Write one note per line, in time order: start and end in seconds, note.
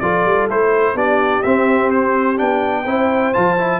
0.00 0.25 F3
0.00 0.50 F4
0.00 0.94 A4
0.00 0.48 D5
0.25 0.49 G3
0.49 0.94 A3
0.49 0.96 E4
0.49 0.97 C5
0.94 1.42 B3
0.94 1.43 D4
0.94 2.84 G4
0.94 1.42 D5
1.42 2.37 C4
1.42 2.40 C4
1.42 1.90 E5
1.90 2.38 C5
2.37 2.86 B3
2.37 2.85 D4
2.37 3.34 G5
2.84 3.34 C4
2.84 3.33 E4
2.84 3.80 C5
3.33 3.80 F3
3.33 3.57 F4
3.33 3.80 A5
3.57 3.80 E4